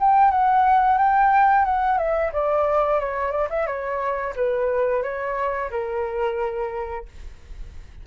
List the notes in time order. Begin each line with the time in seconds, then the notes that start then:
0.00 G5
0.31 F#5
0.98 G5
1.65 F#5
1.98 E5
2.33 D5
3.00 C#5
3.32 D5
3.50 E5
3.67 C#5
4.36 B4
5.03 C#5
5.71 A#4